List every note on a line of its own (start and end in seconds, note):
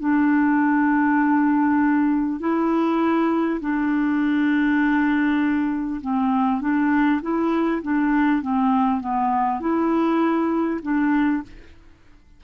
0.00 2.40 D4
2.40 3.60 E4
3.61 6.01 D4
6.02 6.61 C4
6.61 7.21 D4
7.22 7.82 E4
7.82 8.42 D4
8.42 9.01 C4
9.01 9.61 B3
9.61 10.81 E4
10.83 11.43 D4